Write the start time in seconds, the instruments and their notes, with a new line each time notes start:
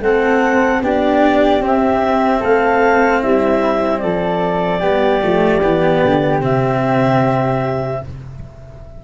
0.00 tuba A3, cello C4, flute A4, clarinet F#5
0.82 tuba B3, cello D4, flute G4, clarinet D5
1.61 tuba C4, cello C4, clarinet E5
2.40 tuba A3, flute A4, clarinet F5
3.21 tuba G3, flute E4, clarinet E5
4.00 tuba F3, flute A4, clarinet D5
4.79 tuba G3, cello B3, flute G4
5.22 tuba F3, cello A3
5.63 tuba E3, cello B3
6.05 tuba D3
6.41 tuba C3, cello C4, clarinet E5